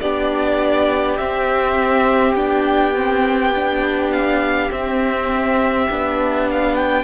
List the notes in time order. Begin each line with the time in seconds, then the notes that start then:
0.00 B3 D4 G4 D5
1.17 C4 E5
2.34 B3 D4 G5
2.95 C4
3.55 D4
4.12 F5
4.71 C4 E5
5.90 B3 D4
6.51 F5
6.76 G5